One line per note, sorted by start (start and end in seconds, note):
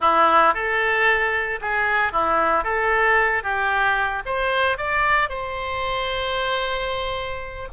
0.00 0.53 E4
0.53 1.60 A4
1.61 2.12 G#4
2.12 2.64 E4
2.64 3.43 A4
3.43 4.22 G4
4.25 4.77 C5
4.77 5.29 D5
5.29 7.68 C5